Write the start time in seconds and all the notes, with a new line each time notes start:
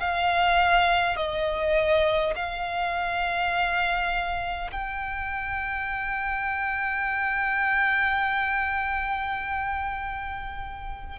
0.00 F5
1.17 D#5
2.36 F5
4.72 G5